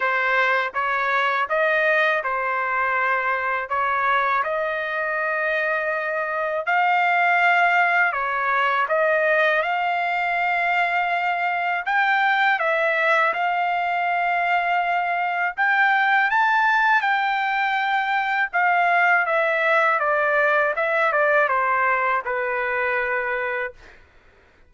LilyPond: \new Staff \with { instrumentName = "trumpet" } { \time 4/4 \tempo 4 = 81 c''4 cis''4 dis''4 c''4~ | c''4 cis''4 dis''2~ | dis''4 f''2 cis''4 | dis''4 f''2. |
g''4 e''4 f''2~ | f''4 g''4 a''4 g''4~ | g''4 f''4 e''4 d''4 | e''8 d''8 c''4 b'2 | }